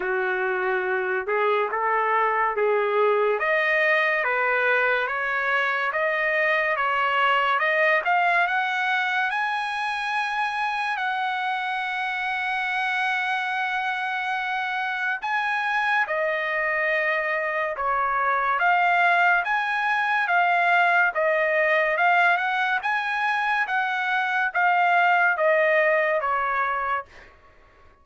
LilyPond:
\new Staff \with { instrumentName = "trumpet" } { \time 4/4 \tempo 4 = 71 fis'4. gis'8 a'4 gis'4 | dis''4 b'4 cis''4 dis''4 | cis''4 dis''8 f''8 fis''4 gis''4~ | gis''4 fis''2.~ |
fis''2 gis''4 dis''4~ | dis''4 cis''4 f''4 gis''4 | f''4 dis''4 f''8 fis''8 gis''4 | fis''4 f''4 dis''4 cis''4 | }